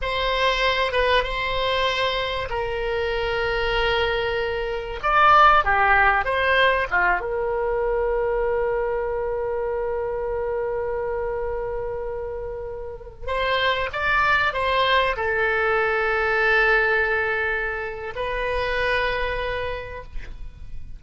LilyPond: \new Staff \with { instrumentName = "oboe" } { \time 4/4 \tempo 4 = 96 c''4. b'8 c''2 | ais'1 | d''4 g'4 c''4 f'8 ais'8~ | ais'1~ |
ais'1~ | ais'4~ ais'16 c''4 d''4 c''8.~ | c''16 a'2.~ a'8.~ | a'4 b'2. | }